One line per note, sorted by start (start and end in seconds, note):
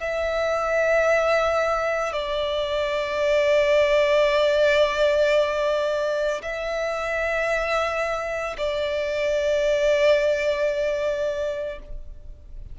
0.00 2.13 E5
2.13 6.41 D5
6.42 8.57 E5
8.58 11.79 D5